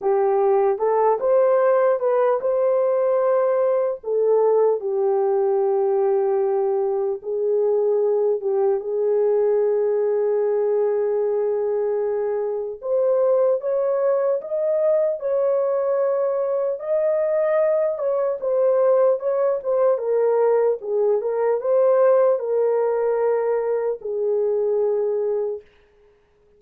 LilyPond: \new Staff \with { instrumentName = "horn" } { \time 4/4 \tempo 4 = 75 g'4 a'8 c''4 b'8 c''4~ | c''4 a'4 g'2~ | g'4 gis'4. g'8 gis'4~ | gis'1 |
c''4 cis''4 dis''4 cis''4~ | cis''4 dis''4. cis''8 c''4 | cis''8 c''8 ais'4 gis'8 ais'8 c''4 | ais'2 gis'2 | }